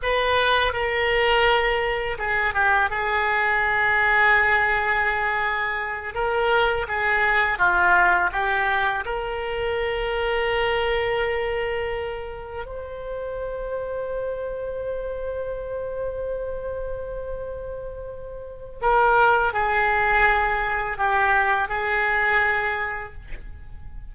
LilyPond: \new Staff \with { instrumentName = "oboe" } { \time 4/4 \tempo 4 = 83 b'4 ais'2 gis'8 g'8 | gis'1~ | gis'8 ais'4 gis'4 f'4 g'8~ | g'8 ais'2.~ ais'8~ |
ais'4. c''2~ c''8~ | c''1~ | c''2 ais'4 gis'4~ | gis'4 g'4 gis'2 | }